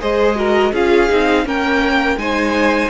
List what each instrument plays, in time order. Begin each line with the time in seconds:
0.00 cello G#3, viola G#4, violin C5 D#5
0.36 viola F#4, violin A#4
0.73 cello C#4, viola F4, violin G#4 F5
1.10 cello C4, viola D#4
1.45 cello A#3, viola C#4, violin A#4 G5
2.16 cello G#3, viola D#4, violin C5 G#5